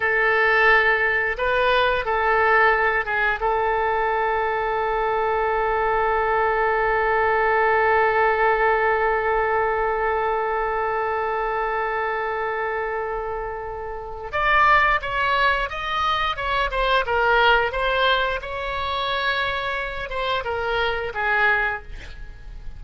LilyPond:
\new Staff \with { instrumentName = "oboe" } { \time 4/4 \tempo 4 = 88 a'2 b'4 a'4~ | a'8 gis'8 a'2.~ | a'1~ | a'1~ |
a'1~ | a'4 d''4 cis''4 dis''4 | cis''8 c''8 ais'4 c''4 cis''4~ | cis''4. c''8 ais'4 gis'4 | }